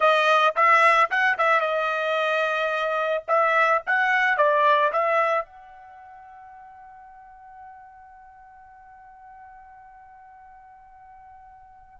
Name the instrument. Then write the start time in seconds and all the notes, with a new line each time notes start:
trumpet
0.00 D#5
0.55 E5
1.10 F#5
1.38 E5
1.60 D#5
3.27 E5
3.86 F#5
4.37 D5
4.92 E5
5.45 F#5